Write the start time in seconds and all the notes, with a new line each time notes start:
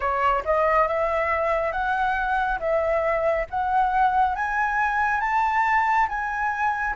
0.00 C#5
0.45 D#5
0.87 E5
1.72 F#5
2.59 E5
3.50 F#5
4.35 G#5
5.20 A5
6.08 G#5